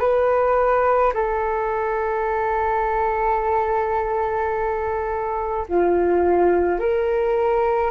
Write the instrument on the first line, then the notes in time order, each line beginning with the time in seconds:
flute
0.00 B4
1.14 A4
5.69 F4
6.79 A#4